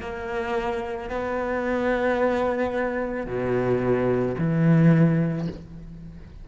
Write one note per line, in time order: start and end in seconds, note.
0.00 1.09 A#3
1.09 3.26 B3
3.26 4.35 B2
4.38 5.47 E3